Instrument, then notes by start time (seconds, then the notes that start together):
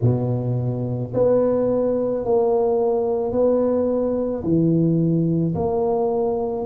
tuba
0.02 B2
1.14 B3
2.25 A#3
3.32 B3
4.43 E3
5.55 A#3